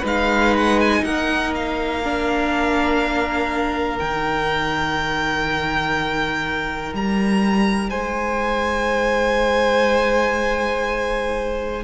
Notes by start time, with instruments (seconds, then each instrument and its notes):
0.00 cello G#3, viola D#4, violin B4
0.07 violin F5
0.57 violin F#5
0.80 violin G#5
1.03 cello A#3, violin A#4 F#5
1.55 violin F5
2.03 viola D4
3.98 cello D#3, viola D#4, violin G5
6.93 cello G3, violin A#5
7.89 cello G#3, violin C5 G#5